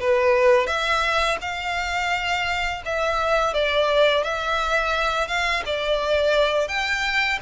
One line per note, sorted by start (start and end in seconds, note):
0.00 0.67 B4
0.67 1.38 E5
1.41 2.83 F5
2.85 3.54 E5
3.54 4.24 D5
4.24 5.27 E5
5.27 5.63 F5
5.66 6.68 D5
6.68 7.39 G5